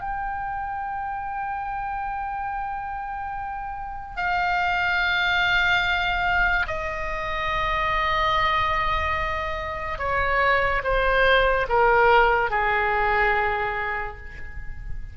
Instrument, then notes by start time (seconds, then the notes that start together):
oboe
0.00 G5
4.16 F5
6.67 D#5
9.98 C#5
10.83 C5
11.69 A#4
12.50 G#4